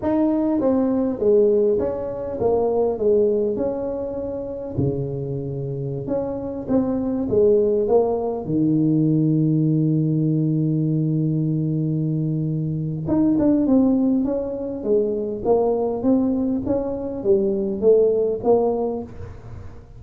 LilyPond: \new Staff \with { instrumentName = "tuba" } { \time 4/4 \tempo 4 = 101 dis'4 c'4 gis4 cis'4 | ais4 gis4 cis'2 | cis2~ cis16 cis'4 c'8.~ | c'16 gis4 ais4 dis4.~ dis16~ |
dis1~ | dis2 dis'8 d'8 c'4 | cis'4 gis4 ais4 c'4 | cis'4 g4 a4 ais4 | }